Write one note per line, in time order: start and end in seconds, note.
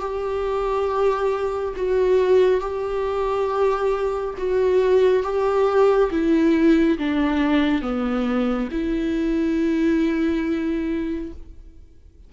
0.00 1.74 G4
1.75 2.60 F#4
2.60 4.34 G4
4.38 5.23 F#4
5.23 6.10 G4
6.10 6.97 E4
6.98 7.81 D4
7.81 8.68 B3
8.71 11.32 E4